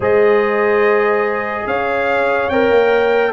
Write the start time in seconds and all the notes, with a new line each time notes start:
0.00 G#3 G#4 C5 D#5
1.66 C#4 C#5 F5
2.49 C4 A#4 G5
2.70 A#3